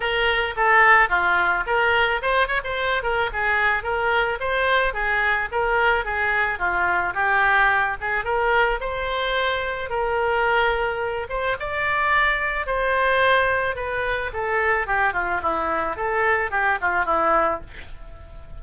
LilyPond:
\new Staff \with { instrumentName = "oboe" } { \time 4/4 \tempo 4 = 109 ais'4 a'4 f'4 ais'4 | c''8 cis''16 c''8. ais'8 gis'4 ais'4 | c''4 gis'4 ais'4 gis'4 | f'4 g'4. gis'8 ais'4 |
c''2 ais'2~ | ais'8 c''8 d''2 c''4~ | c''4 b'4 a'4 g'8 f'8 | e'4 a'4 g'8 f'8 e'4 | }